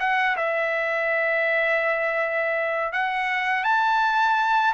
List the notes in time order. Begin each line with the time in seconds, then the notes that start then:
0.00 F#5
0.37 E5
2.93 F#5
3.64 A5